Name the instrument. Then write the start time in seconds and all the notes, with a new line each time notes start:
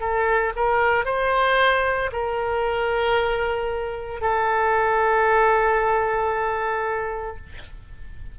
oboe
0.00 A4
0.56 A#4
1.05 C5
2.12 A#4
4.21 A4